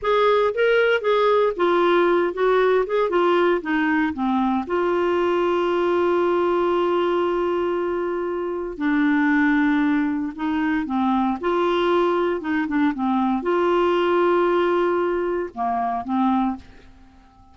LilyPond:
\new Staff \with { instrumentName = "clarinet" } { \time 4/4 \tempo 4 = 116 gis'4 ais'4 gis'4 f'4~ | f'8 fis'4 gis'8 f'4 dis'4 | c'4 f'2.~ | f'1~ |
f'4 d'2. | dis'4 c'4 f'2 | dis'8 d'8 c'4 f'2~ | f'2 ais4 c'4 | }